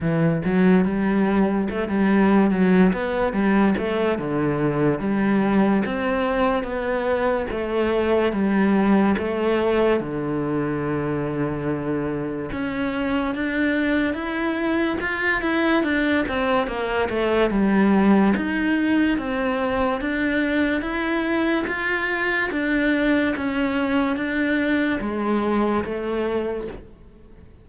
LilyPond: \new Staff \with { instrumentName = "cello" } { \time 4/4 \tempo 4 = 72 e8 fis8 g4 a16 g8. fis8 b8 | g8 a8 d4 g4 c'4 | b4 a4 g4 a4 | d2. cis'4 |
d'4 e'4 f'8 e'8 d'8 c'8 | ais8 a8 g4 dis'4 c'4 | d'4 e'4 f'4 d'4 | cis'4 d'4 gis4 a4 | }